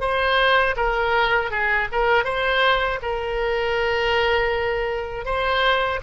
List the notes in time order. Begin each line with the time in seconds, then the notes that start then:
0.00 C5
0.76 A#4
1.50 G#4
1.92 A#4
2.24 C5
3.02 A#4
5.25 C5